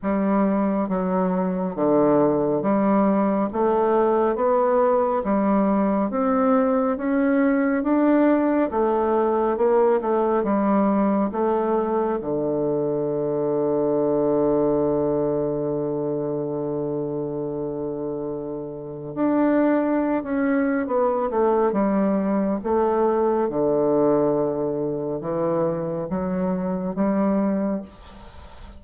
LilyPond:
\new Staff \with { instrumentName = "bassoon" } { \time 4/4 \tempo 4 = 69 g4 fis4 d4 g4 | a4 b4 g4 c'4 | cis'4 d'4 a4 ais8 a8 | g4 a4 d2~ |
d1~ | d2 d'4~ d'16 cis'8. | b8 a8 g4 a4 d4~ | d4 e4 fis4 g4 | }